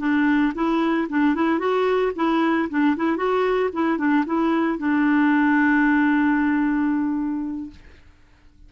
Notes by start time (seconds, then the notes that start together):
0.00 D4
0.55 E4
1.10 D4
1.35 E4
1.59 F#4
2.16 E4
2.70 D4
2.97 E4
3.17 F#4
3.73 E4
3.98 D4
4.26 E4
4.79 D4